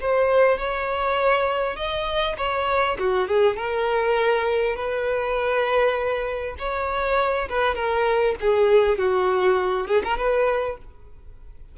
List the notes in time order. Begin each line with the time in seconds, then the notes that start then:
0.00 C5
0.58 C#5
1.76 D#5
2.37 C#5
2.99 F#4
3.27 G#4
3.56 A#4
4.75 B4
6.58 C#5
7.49 B4
7.75 A#4
8.40 G#4
8.98 F#4
9.87 G#4
10.04 A#4
10.17 B4